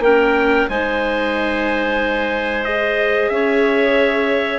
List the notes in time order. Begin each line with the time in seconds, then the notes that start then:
0.00 A#3 C#4 A#4 G5
0.70 G#3 D#4 C5 G#5
2.65 G#4 D#5
3.30 C#4 C#5 E5